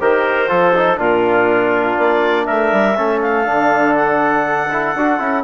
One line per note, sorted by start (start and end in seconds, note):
0.00 0.50 D#3
0.00 0.48 G4
0.00 0.49 A#4
0.00 0.99 C5
0.48 0.98 F3
0.48 0.73 F4
0.48 0.99 A4
0.75 0.96 D#4
0.96 1.97 A#2
0.96 2.94 D4
0.96 2.47 F4
0.96 1.98 A#4
1.98 2.48 A#3
1.98 2.46 D5
2.46 2.72 A3
2.46 2.96 A#4
2.46 3.20 E5
2.72 2.97 G3
2.97 3.48 A3
2.97 3.45 C#4
2.97 5.44 A4
3.21 3.95 F5
3.45 4.95 D3
3.45 4.69 D4
3.95 5.44 F#5
4.72 4.96 E4
4.95 5.20 D4
4.95 5.19 F#4
5.19 5.44 C#4
5.19 5.44 E4